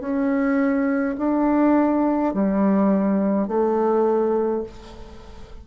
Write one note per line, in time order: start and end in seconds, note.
0.00 1.15 C#4
1.18 2.33 D4
2.34 3.48 G3
3.48 4.63 A3